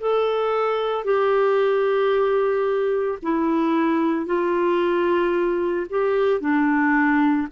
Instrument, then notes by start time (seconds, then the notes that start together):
clarinet
0.00 A4
1.04 G4
3.22 E4
4.26 F4
5.89 G4
6.40 D4